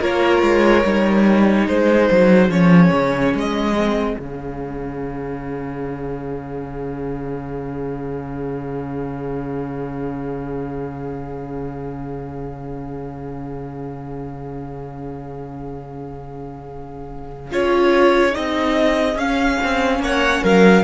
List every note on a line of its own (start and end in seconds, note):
0.00 0.42 A#3
0.00 0.84 F4
0.00 1.66 A#4
0.00 1.68 C#5
0.42 0.84 G#3
0.85 1.68 G3
0.85 2.50 D#4
1.66 2.09 G#3
1.66 19.99 G#4
1.66 2.51 C5
2.10 2.49 F#3
2.49 2.91 F3
2.49 3.75 C#4
2.49 3.34 C#5
2.92 3.33 C#3
3.33 4.16 G#3
3.33 4.19 D#5
3.77 4.17 C4
4.17 17.52 C#3
4.17 17.50 C#4
4.17 17.52 F5
17.51 18.35 C#4
17.51 18.31 F4
17.51 18.34 C#5
18.31 19.15 C4
18.31 19.14 D#4
18.31 19.18 D#5
19.15 19.56 C#4
19.15 20.83 C#4
19.15 20.01 F5
19.63 19.99 C4
19.99 20.41 A#3
19.99 20.42 C#5
19.99 20.44 F#5
20.42 20.83 F#3
20.42 20.83 A#4
20.42 20.83 F5